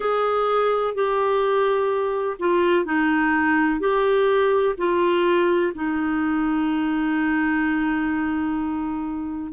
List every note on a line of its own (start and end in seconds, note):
0.00 0.94 G#4
0.94 2.37 G4
2.39 2.85 F4
2.85 3.80 D#4
3.80 4.75 G4
4.77 5.72 F4
5.74 9.52 D#4